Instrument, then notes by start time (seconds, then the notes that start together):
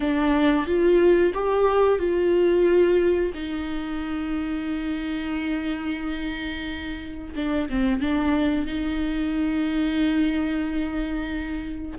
viola
0.00 D4
0.66 F4
1.33 G4
1.98 F4
3.33 D#4
7.35 D4
7.69 C4
8.00 D4
8.65 D#4